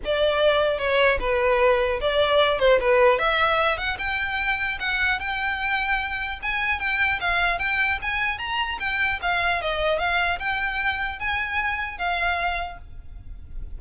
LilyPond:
\new Staff \with { instrumentName = "violin" } { \time 4/4 \tempo 4 = 150 d''2 cis''4 b'4~ | b'4 d''4. c''8 b'4 | e''4. fis''8 g''2 | fis''4 g''2. |
gis''4 g''4 f''4 g''4 | gis''4 ais''4 g''4 f''4 | dis''4 f''4 g''2 | gis''2 f''2 | }